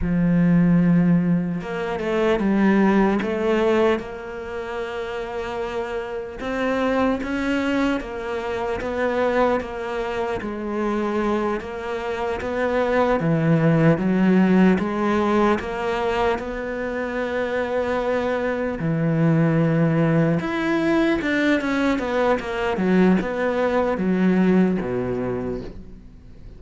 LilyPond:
\new Staff \with { instrumentName = "cello" } { \time 4/4 \tempo 4 = 75 f2 ais8 a8 g4 | a4 ais2. | c'4 cis'4 ais4 b4 | ais4 gis4. ais4 b8~ |
b8 e4 fis4 gis4 ais8~ | ais8 b2. e8~ | e4. e'4 d'8 cis'8 b8 | ais8 fis8 b4 fis4 b,4 | }